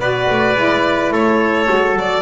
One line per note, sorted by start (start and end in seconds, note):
0.00 0.28 B3
0.00 0.56 F#4
0.00 1.12 B4
0.00 1.13 D5
0.30 0.55 A3
0.55 1.11 G#3
0.55 1.67 E4
1.11 1.67 A3
1.11 2.22 A4
1.11 1.98 C#5
1.67 1.95 G#3
1.67 2.22 F#4
1.95 2.22 F#3
1.95 2.22 D5